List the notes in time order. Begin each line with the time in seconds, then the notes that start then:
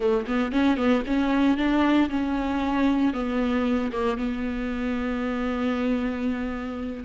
0.00 A3
0.26 B3
0.51 C#4
0.76 B3
1.06 C#4
1.57 D4
2.09 C#4
3.13 B3
3.92 A#3
4.17 B3